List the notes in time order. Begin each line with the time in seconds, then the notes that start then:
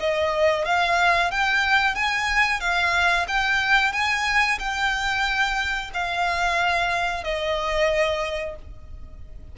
0.00 D#5
0.65 F5
1.31 G5
1.95 G#5
2.60 F5
3.28 G5
3.93 G#5
4.59 G5
5.94 F5
7.24 D#5